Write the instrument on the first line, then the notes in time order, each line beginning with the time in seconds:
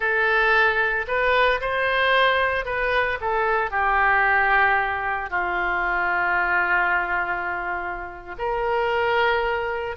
oboe
0.00 A4
1.07 B4
1.60 C5
2.65 B4
3.20 A4
3.70 G4
5.30 F4
8.38 A#4